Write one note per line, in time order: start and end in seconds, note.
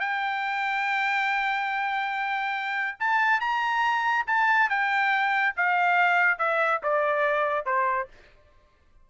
0.00 2.98 G5
2.99 3.40 A5
3.40 4.25 A#5
4.27 4.69 A5
4.69 5.55 G5
5.56 6.38 F5
6.38 6.81 E5
6.83 7.65 D5
7.65 8.08 C5